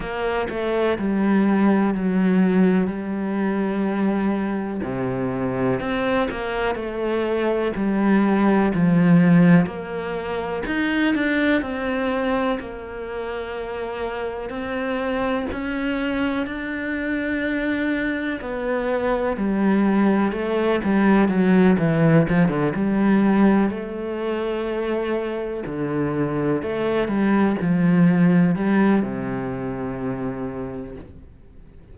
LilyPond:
\new Staff \with { instrumentName = "cello" } { \time 4/4 \tempo 4 = 62 ais8 a8 g4 fis4 g4~ | g4 c4 c'8 ais8 a4 | g4 f4 ais4 dis'8 d'8 | c'4 ais2 c'4 |
cis'4 d'2 b4 | g4 a8 g8 fis8 e8 f16 d16 g8~ | g8 a2 d4 a8 | g8 f4 g8 c2 | }